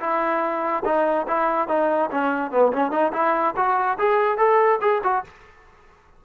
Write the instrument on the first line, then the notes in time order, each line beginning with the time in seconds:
trombone
0.00 E4
0.85 D#4
1.27 E4
1.68 D#4
2.11 C#4
2.51 B3
2.72 C#4
2.91 D#4
3.13 E4
3.56 F#4
3.98 G#4
4.38 A4
4.81 G#4
5.03 F#4